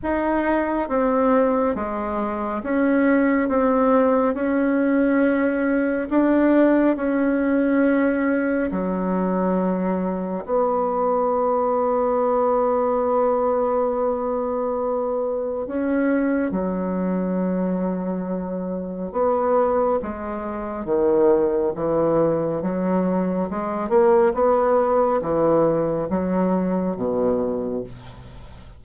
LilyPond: \new Staff \with { instrumentName = "bassoon" } { \time 4/4 \tempo 4 = 69 dis'4 c'4 gis4 cis'4 | c'4 cis'2 d'4 | cis'2 fis2 | b1~ |
b2 cis'4 fis4~ | fis2 b4 gis4 | dis4 e4 fis4 gis8 ais8 | b4 e4 fis4 b,4 | }